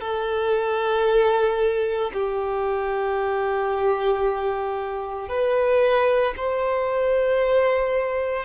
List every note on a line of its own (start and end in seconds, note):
0.00 2.11 A4
2.13 5.29 G4
5.29 6.34 B4
6.36 8.45 C5